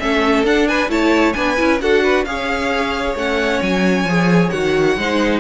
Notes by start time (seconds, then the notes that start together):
0.00 A3 C#4 A4 E5
0.44 D4 F#5
0.68 B4 G#5
0.89 A3 E4 C#5 A5
1.33 B3 D4 B4 G#5
1.57 C#4 E4
1.81 D4 F#4 A4 F#5
2.04 B4
2.25 C#4 G#4 C#5 F5
3.15 A3 C#4 F#5
3.62 F#3 G#5
4.04 F3 G#4
4.50 D#3 F#4 F#5
4.97 G#3 D#4 C5